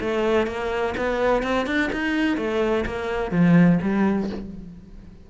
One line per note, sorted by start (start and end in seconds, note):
0.00 0.46 A3
0.46 0.94 A#3
0.97 1.42 B3
1.42 1.66 C4
1.66 1.90 D4
1.92 2.37 D#4
2.37 2.84 A3
2.85 3.31 A#3
3.31 3.79 F3
3.82 4.29 G3